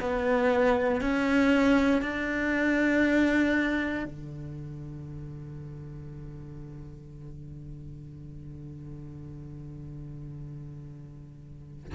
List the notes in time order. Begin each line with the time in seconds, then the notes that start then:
0.00 B3
1.01 C#4
2.02 D4
4.05 D3